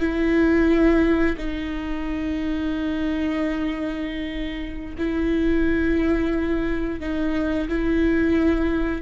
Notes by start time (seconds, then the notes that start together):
0.00 E4
1.38 D#4
4.98 E4
7.00 D#4
7.69 E4